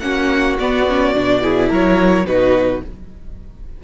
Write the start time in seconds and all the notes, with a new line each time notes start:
0.00 A#3 C#4 F#4 F#5
0.59 B3 D5
0.88 C#4
1.15 B2 D4
1.41 E4 G#4
1.70 F#3 A#4 C#5
2.25 B2 D#4 F#4 B4